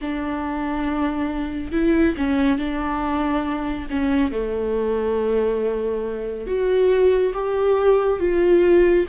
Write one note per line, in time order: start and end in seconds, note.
0.01 1.72 D4
1.72 2.15 E4
2.17 2.58 C#4
2.58 3.87 D4
3.90 4.31 C#4
4.31 6.46 A3
6.46 7.33 F#4
7.33 8.19 G4
8.19 9.05 F4